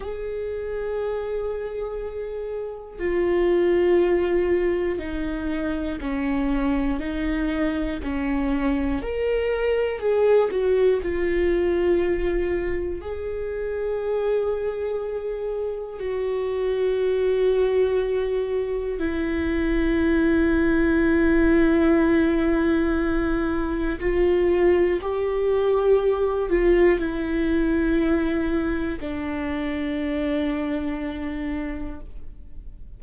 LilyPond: \new Staff \with { instrumentName = "viola" } { \time 4/4 \tempo 4 = 60 gis'2. f'4~ | f'4 dis'4 cis'4 dis'4 | cis'4 ais'4 gis'8 fis'8 f'4~ | f'4 gis'2. |
fis'2. e'4~ | e'1 | f'4 g'4. f'8 e'4~ | e'4 d'2. | }